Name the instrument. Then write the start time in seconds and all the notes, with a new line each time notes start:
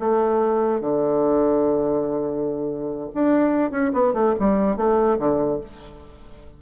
bassoon
0.00 A3
0.81 D3
3.15 D4
3.72 C#4
3.93 B3
4.14 A3
4.40 G3
4.77 A3
5.19 D3